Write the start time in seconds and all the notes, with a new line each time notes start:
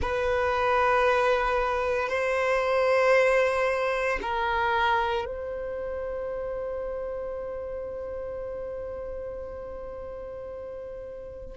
0.01 B4
2.08 C5
4.22 A#4
5.25 C5